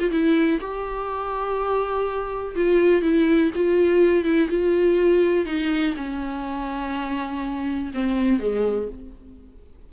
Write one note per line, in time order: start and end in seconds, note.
0.00 0.11 F4
0.11 0.60 E4
0.61 2.56 G4
2.56 3.02 F4
3.02 3.51 E4
3.56 4.25 F4
4.25 4.49 E4
4.50 5.46 F4
5.46 5.95 D#4
5.97 7.92 C#4
7.95 8.40 C4
8.40 8.89 G#3